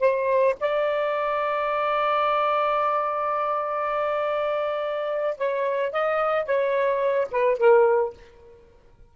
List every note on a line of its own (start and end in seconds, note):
0.00 0.55 C5
0.61 5.38 D5
5.38 5.92 C#5
5.92 6.46 D#5
6.46 7.28 C#5
7.31 7.58 B4
7.58 8.13 A#4